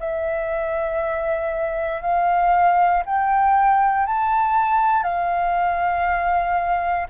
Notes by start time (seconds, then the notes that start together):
0.00 E5
2.02 F5
3.06 G5
4.06 A5
5.03 F5